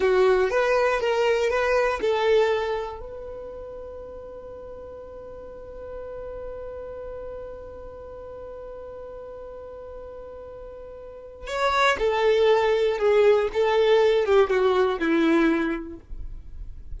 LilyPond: \new Staff \with { instrumentName = "violin" } { \time 4/4 \tempo 4 = 120 fis'4 b'4 ais'4 b'4 | a'2 b'2~ | b'1~ | b'1~ |
b'1~ | b'2. cis''4 | a'2 gis'4 a'4~ | a'8 g'8 fis'4 e'2 | }